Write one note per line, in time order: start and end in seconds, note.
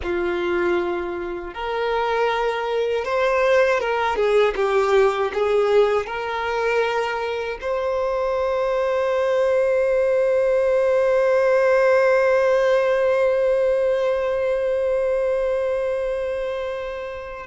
0.02 1.54 F4
1.54 3.04 A#4
3.04 3.79 C5
3.79 4.16 A#4
4.16 4.54 G#4
4.55 5.31 G4
5.33 6.06 G#4
6.06 7.58 A#4
7.61 17.46 C5